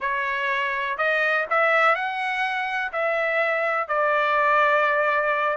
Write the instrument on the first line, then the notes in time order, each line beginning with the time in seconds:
trumpet
0.00 C#5
0.97 D#5
1.50 E5
1.95 F#5
2.92 E5
3.88 D5